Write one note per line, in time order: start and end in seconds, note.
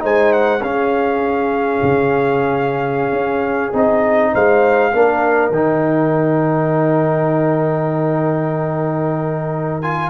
0.00 0.62 G#3
0.00 0.59 D#4
0.00 0.61 C5
0.00 0.33 G#5
0.33 0.63 F#5
0.61 1.81 C#4
0.61 3.74 C#4
0.61 4.32 G#4
0.61 3.75 F5
1.83 3.13 C#3
3.13 3.72 C#4
3.74 4.33 C4
3.74 4.92 D#4
3.74 4.35 D#5
4.33 4.93 G#3
4.33 4.92 C5
4.33 5.53 F5
4.93 5.50 A#3
4.93 5.52 D4
4.93 10.10 A#4
5.50 10.10 D#3
5.50 9.83 D#4
5.50 9.82 G5
9.82 10.10 F4
9.82 10.10 G#5